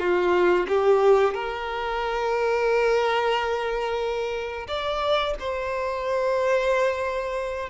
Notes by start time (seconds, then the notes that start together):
0.00 F4
0.68 G4
1.34 A#4
4.68 D5
5.40 C5